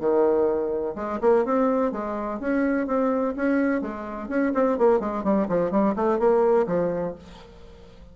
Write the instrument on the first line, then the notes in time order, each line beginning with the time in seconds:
bassoon
0.00 D#3
0.96 G#3
1.21 A#3
1.45 C4
1.92 G#3
2.40 C#4
2.87 C4
3.36 C#4
3.82 G#3
4.29 C#4
4.55 C4
4.78 A#3
5.00 G#3
5.24 G3
5.49 F3
5.71 G3
5.96 A3
6.19 A#3
6.67 F3